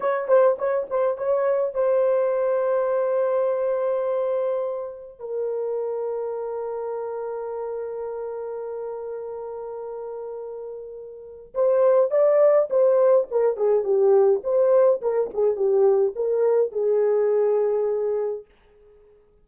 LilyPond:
\new Staff \with { instrumentName = "horn" } { \time 4/4 \tempo 4 = 104 cis''8 c''8 cis''8 c''8 cis''4 c''4~ | c''1~ | c''4 ais'2.~ | ais'1~ |
ais'1 | c''4 d''4 c''4 ais'8 gis'8 | g'4 c''4 ais'8 gis'8 g'4 | ais'4 gis'2. | }